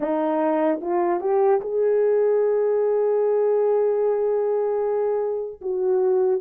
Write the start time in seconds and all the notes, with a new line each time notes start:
0.00 D#4
0.81 F4
1.20 G4
1.60 G#4
5.61 F#4